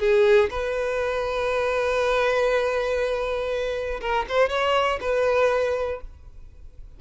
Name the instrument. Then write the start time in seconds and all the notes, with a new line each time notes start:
violin
0.00 G#4
0.51 B4
4.01 A#4
4.29 C5
4.50 C#5
5.01 B4